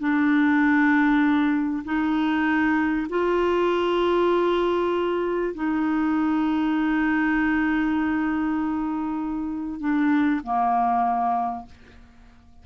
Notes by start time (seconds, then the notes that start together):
0.00 D4
1.85 D#4
3.10 F4
5.55 D#4
9.80 D4
10.44 A#3